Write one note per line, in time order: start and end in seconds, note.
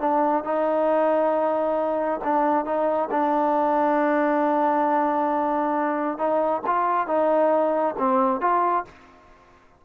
0.00 0.44 D4
0.45 2.21 D#4
2.25 2.66 D4
2.66 3.10 D#4
3.11 6.18 D4
6.18 6.63 D#4
6.67 7.07 F4
7.07 7.96 D#4
7.99 8.41 C4
8.41 8.85 F4